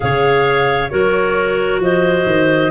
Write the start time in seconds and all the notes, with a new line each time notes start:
0.00 C#3 G#4 C#5 F5
0.89 F#3 F#4 A#4 C#5
1.79 F3 C5 D#5
2.26 D#3